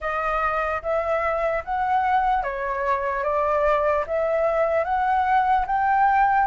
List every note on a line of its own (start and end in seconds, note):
0.00 0.81 D#5
0.82 1.63 E5
1.64 2.43 F#5
2.43 3.23 C#5
3.23 4.04 D5
4.06 4.84 E5
4.84 5.65 F#5
5.66 6.47 G5